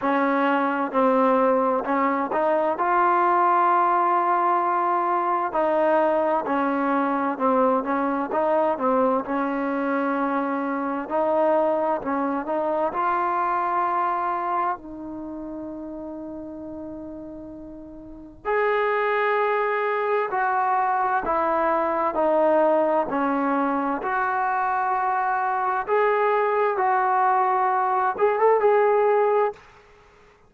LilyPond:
\new Staff \with { instrumentName = "trombone" } { \time 4/4 \tempo 4 = 65 cis'4 c'4 cis'8 dis'8 f'4~ | f'2 dis'4 cis'4 | c'8 cis'8 dis'8 c'8 cis'2 | dis'4 cis'8 dis'8 f'2 |
dis'1 | gis'2 fis'4 e'4 | dis'4 cis'4 fis'2 | gis'4 fis'4. gis'16 a'16 gis'4 | }